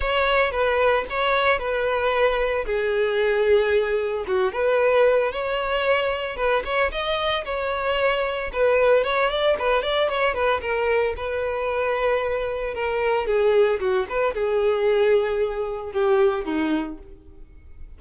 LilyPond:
\new Staff \with { instrumentName = "violin" } { \time 4/4 \tempo 4 = 113 cis''4 b'4 cis''4 b'4~ | b'4 gis'2. | fis'8 b'4. cis''2 | b'8 cis''8 dis''4 cis''2 |
b'4 cis''8 d''8 b'8 d''8 cis''8 b'8 | ais'4 b'2. | ais'4 gis'4 fis'8 b'8 gis'4~ | gis'2 g'4 dis'4 | }